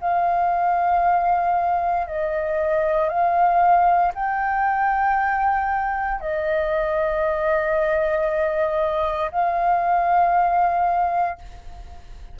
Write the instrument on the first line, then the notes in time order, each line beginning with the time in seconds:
flute
0.00 F5
2.07 D#5
3.08 F5
4.14 G5
6.20 D#5
9.31 F5